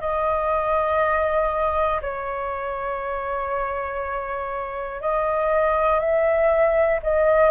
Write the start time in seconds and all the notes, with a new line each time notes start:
0.00 D#5
2.01 C#5
5.00 D#5
6.00 E5
7.02 D#5